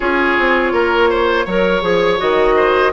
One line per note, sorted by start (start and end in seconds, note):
0.00 0.37 C#4
0.00 1.45 F4
0.00 0.73 G#4
0.00 2.19 C#5
0.38 0.72 C4
0.72 1.45 A#3
0.72 1.09 A#4
1.09 1.45 C5
1.45 1.82 F#3
1.45 1.82 A#4
1.45 2.55 C#5
1.82 2.18 F3
1.82 2.18 G#4
2.18 2.93 D#3
2.18 2.91 F#4
2.18 2.92 D#5
2.55 2.92 C5